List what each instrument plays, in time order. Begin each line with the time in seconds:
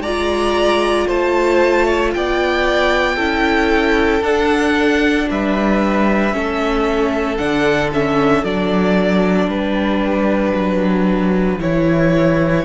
0.00 cello G#3, viola F4, violin D5 A#5
1.07 cello A3, violin C5 A5
1.85 violin C#5
2.14 cello B3, violin D5 G5
3.16 cello C#4, viola E4, violin A4
4.21 cello D4, viola D4, violin F#5
5.30 cello G3, violin B4 E5
6.32 cello A3, viola C#4, violin A4
7.37 cello D3, viola D4, violin F#5
7.93 viola C#4, violin E5
8.44 cello F#3, viola D4, violin D5
9.48 cello G3, violin G4 B4
10.54 cello F#3
11.60 cello E3, viola E4, violin C#5